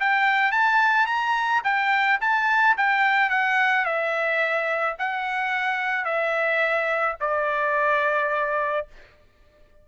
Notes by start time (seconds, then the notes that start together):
0.00 G5
0.52 A5
1.06 A#5
1.64 G5
2.21 A5
2.77 G5
3.29 F#5
3.85 E5
4.99 F#5
6.05 E5
7.20 D5